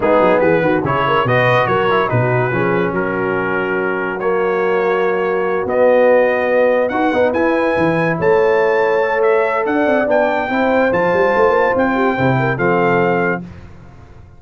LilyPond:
<<
  \new Staff \with { instrumentName = "trumpet" } { \time 4/4 \tempo 4 = 143 gis'4 b'4 cis''4 dis''4 | cis''4 b'2 ais'4~ | ais'2 cis''2~ | cis''4. dis''2~ dis''8~ |
dis''8 fis''4 gis''2 a''8~ | a''2 e''4 fis''4 | g''2 a''2 | g''2 f''2 | }
  \new Staff \with { instrumentName = "horn" } { \time 4/4 dis'4 gis'8 fis'8 gis'8 ais'8 b'4 | ais'4 fis'4 gis'4 fis'4~ | fis'1~ | fis'1~ |
fis'8 b'2. cis''8~ | cis''2. d''4~ | d''4 c''2.~ | c''8 g'8 c''8 ais'8 a'2 | }
  \new Staff \with { instrumentName = "trombone" } { \time 4/4 b2 e'4 fis'4~ | fis'8 e'8 dis'4 cis'2~ | cis'2 ais2~ | ais4. b2~ b8~ |
b8 fis'8 dis'8 e'2~ e'8~ | e'4. a'2~ a'8 | d'4 e'4 f'2~ | f'4 e'4 c'2 | }
  \new Staff \with { instrumentName = "tuba" } { \time 4/4 gis8 fis8 e8 dis8 cis4 b,4 | fis4 b,4 f4 fis4~ | fis1~ | fis4. b2~ b8~ |
b8 dis'8 b8 e'4 e4 a8~ | a2. d'8 c'8 | b4 c'4 f8 g8 a8 ais8 | c'4 c4 f2 | }
>>